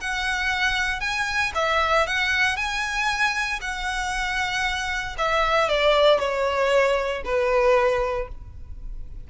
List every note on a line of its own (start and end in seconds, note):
0.00 1.00 F#5
1.00 1.52 G#5
1.55 2.06 E5
2.07 2.56 F#5
2.56 3.59 G#5
3.61 5.16 F#5
5.18 5.69 E5
5.69 6.19 D5
6.19 7.22 C#5
7.24 8.28 B4